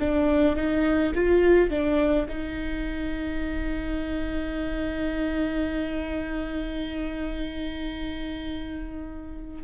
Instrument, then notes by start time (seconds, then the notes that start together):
viola
0.00 D4
0.57 D#4
1.15 F4
1.70 D4
2.28 D#4